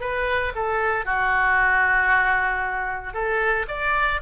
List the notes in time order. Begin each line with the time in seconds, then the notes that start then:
0.00 B4
0.55 A4
1.05 F#4
3.13 A4
3.68 D5